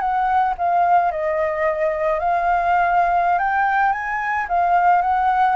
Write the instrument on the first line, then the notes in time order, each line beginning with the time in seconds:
flute
0.00 F#5
0.57 F5
1.11 D#5
2.19 F5
3.38 G5
3.92 G#5
4.48 F5
5.01 F#5